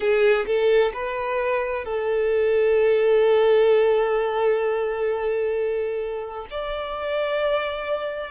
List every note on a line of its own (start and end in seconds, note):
0.00 0.45 G#4
0.46 0.92 A4
0.93 1.85 B4
1.85 6.46 A4
6.50 8.31 D5